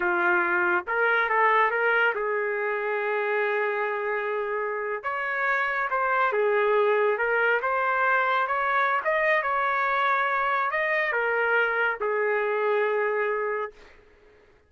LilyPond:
\new Staff \with { instrumentName = "trumpet" } { \time 4/4 \tempo 4 = 140 f'2 ais'4 a'4 | ais'4 gis'2.~ | gis'2.~ gis'8. cis''16~ | cis''4.~ cis''16 c''4 gis'4~ gis'16~ |
gis'8. ais'4 c''2 cis''16~ | cis''4 dis''4 cis''2~ | cis''4 dis''4 ais'2 | gis'1 | }